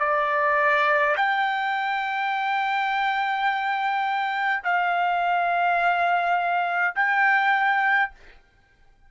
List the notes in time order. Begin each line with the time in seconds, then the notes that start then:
0.00 D5
1.17 G5
4.64 F5
6.95 G5